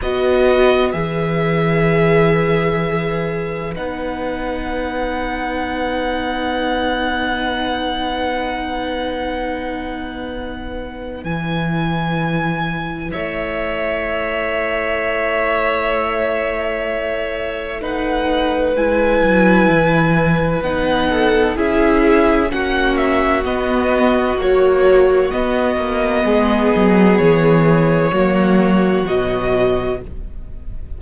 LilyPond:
<<
  \new Staff \with { instrumentName = "violin" } { \time 4/4 \tempo 4 = 64 dis''4 e''2. | fis''1~ | fis''1 | gis''2 e''2~ |
e''2. fis''4 | gis''2 fis''4 e''4 | fis''8 e''8 dis''4 cis''4 dis''4~ | dis''4 cis''2 dis''4 | }
  \new Staff \with { instrumentName = "violin" } { \time 4/4 b'1~ | b'1~ | b'1~ | b'2 cis''2~ |
cis''2. b'4~ | b'2~ b'8 a'8 gis'4 | fis'1 | gis'2 fis'2 | }
  \new Staff \with { instrumentName = "viola" } { \time 4/4 fis'4 gis'2. | dis'1~ | dis'1 | e'1~ |
e'2. dis'4 | e'2 dis'4 e'4 | cis'4 b4 fis4 b4~ | b2 ais4 fis4 | }
  \new Staff \with { instrumentName = "cello" } { \time 4/4 b4 e2. | b1~ | b1 | e2 a2~ |
a1 | gis8 fis8 e4 b4 cis'4 | ais4 b4 ais4 b8 ais8 | gis8 fis8 e4 fis4 b,4 | }
>>